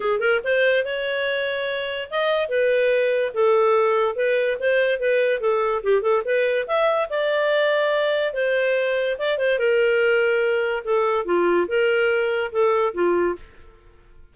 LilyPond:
\new Staff \with { instrumentName = "clarinet" } { \time 4/4 \tempo 4 = 144 gis'8 ais'8 c''4 cis''2~ | cis''4 dis''4 b'2 | a'2 b'4 c''4 | b'4 a'4 g'8 a'8 b'4 |
e''4 d''2. | c''2 d''8 c''8 ais'4~ | ais'2 a'4 f'4 | ais'2 a'4 f'4 | }